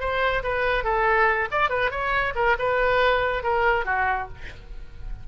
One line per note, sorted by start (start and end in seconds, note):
0.00 0.43 C5
0.43 0.84 B4
0.84 1.49 A4
1.51 1.70 D5
1.70 1.91 B4
1.91 2.34 C#5
2.35 2.57 A#4
2.59 3.43 B4
3.43 3.85 A#4
3.85 4.28 F#4